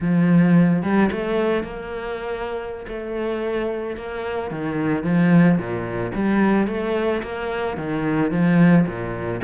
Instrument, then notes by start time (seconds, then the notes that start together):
cello
0.00 F3
0.82 G3
1.11 A3
1.63 A#3
2.87 A3
3.96 A#3
4.50 D#3
5.03 F3
5.58 A#2
6.14 G3
6.67 A3
7.22 A#3
7.77 D#3
8.31 F3
8.86 A#2